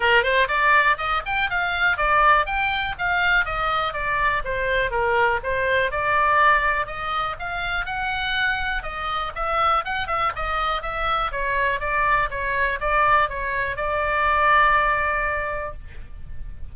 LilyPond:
\new Staff \with { instrumentName = "oboe" } { \time 4/4 \tempo 4 = 122 ais'8 c''8 d''4 dis''8 g''8 f''4 | d''4 g''4 f''4 dis''4 | d''4 c''4 ais'4 c''4 | d''2 dis''4 f''4 |
fis''2 dis''4 e''4 | fis''8 e''8 dis''4 e''4 cis''4 | d''4 cis''4 d''4 cis''4 | d''1 | }